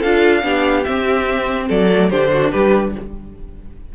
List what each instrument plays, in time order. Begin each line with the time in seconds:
0.00 cello D4, viola F4, violin A4 F5
0.42 cello B3, viola D4, violin G4
0.84 viola C4, cello C4, violin E5
1.68 cello F#3, violin A4 D5
1.91 viola A3
2.10 cello D3, viola D4, violin G4 C5
2.34 violin F#4
2.52 cello G3, violin G4 B4